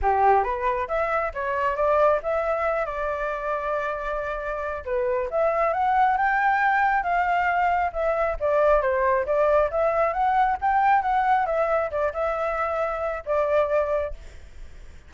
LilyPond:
\new Staff \with { instrumentName = "flute" } { \time 4/4 \tempo 4 = 136 g'4 b'4 e''4 cis''4 | d''4 e''4. d''4.~ | d''2. b'4 | e''4 fis''4 g''2 |
f''2 e''4 d''4 | c''4 d''4 e''4 fis''4 | g''4 fis''4 e''4 d''8 e''8~ | e''2 d''2 | }